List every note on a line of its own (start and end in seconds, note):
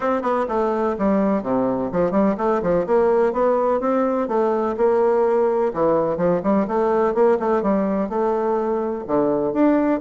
0.00 0.21 C4
0.21 0.45 B3
0.48 0.95 A3
0.98 1.43 G3
1.43 1.90 C3
1.92 2.11 F3
2.11 2.35 G3
2.37 2.61 A3
2.62 2.86 F3
2.86 3.32 A#3
3.32 3.80 B3
3.80 4.27 C4
4.27 4.75 A3
4.77 5.72 A#3
5.73 6.17 E3
6.17 6.41 F3
6.43 6.66 G3
6.67 7.14 A3
7.14 7.38 A#3
7.39 7.62 A3
7.62 8.09 G3
8.09 9.04 A3
9.07 9.53 D3
9.53 10.00 D4